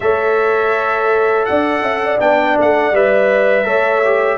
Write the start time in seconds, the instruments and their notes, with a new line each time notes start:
0.00 tuba A3, trombone A4, horn C#5, trumpet E5
1.45 tuba D4, horn D5, trumpet F#5
1.81 tuba C#4, horn E5
2.04 horn D5
2.19 tuba B3, trombone D4, trumpet G5
2.57 tuba A3, trumpet F#5
2.91 tuba G3, trombone B4, trumpet E5
3.64 tuba A3, trombone A4, horn C#5
4.04 trombone G4